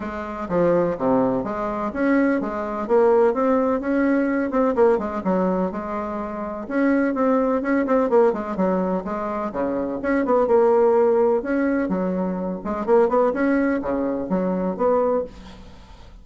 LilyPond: \new Staff \with { instrumentName = "bassoon" } { \time 4/4 \tempo 4 = 126 gis4 f4 c4 gis4 | cis'4 gis4 ais4 c'4 | cis'4. c'8 ais8 gis8 fis4 | gis2 cis'4 c'4 |
cis'8 c'8 ais8 gis8 fis4 gis4 | cis4 cis'8 b8 ais2 | cis'4 fis4. gis8 ais8 b8 | cis'4 cis4 fis4 b4 | }